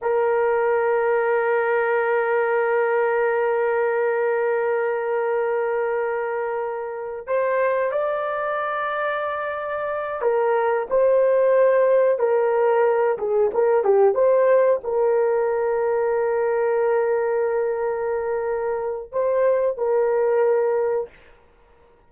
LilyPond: \new Staff \with { instrumentName = "horn" } { \time 4/4 \tempo 4 = 91 ais'1~ | ais'1~ | ais'2. c''4 | d''2.~ d''8 ais'8~ |
ais'8 c''2 ais'4. | gis'8 ais'8 g'8 c''4 ais'4.~ | ais'1~ | ais'4 c''4 ais'2 | }